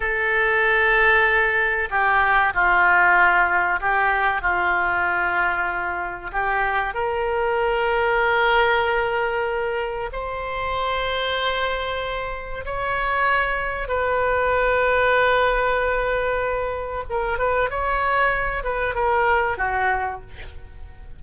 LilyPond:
\new Staff \with { instrumentName = "oboe" } { \time 4/4 \tempo 4 = 95 a'2. g'4 | f'2 g'4 f'4~ | f'2 g'4 ais'4~ | ais'1 |
c''1 | cis''2 b'2~ | b'2. ais'8 b'8 | cis''4. b'8 ais'4 fis'4 | }